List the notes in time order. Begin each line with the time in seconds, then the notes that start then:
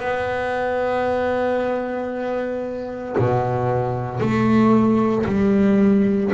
0.00 B3
3.18 B2
4.20 A3
5.26 G3